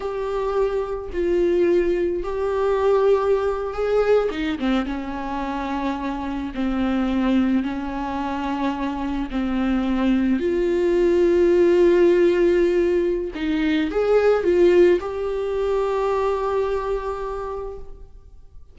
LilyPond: \new Staff \with { instrumentName = "viola" } { \time 4/4 \tempo 4 = 108 g'2 f'2 | g'2~ g'8. gis'4 dis'16~ | dis'16 c'8 cis'2. c'16~ | c'4.~ c'16 cis'2~ cis'16~ |
cis'8. c'2 f'4~ f'16~ | f'1 | dis'4 gis'4 f'4 g'4~ | g'1 | }